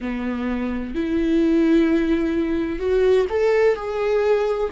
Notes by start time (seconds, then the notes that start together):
0.00 B3
0.94 E4
2.79 F#4
3.29 A4
3.75 G#4